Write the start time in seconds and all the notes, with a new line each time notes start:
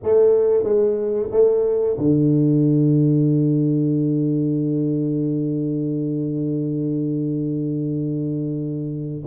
0.03 A3
0.63 G#3
1.30 A3
1.98 D3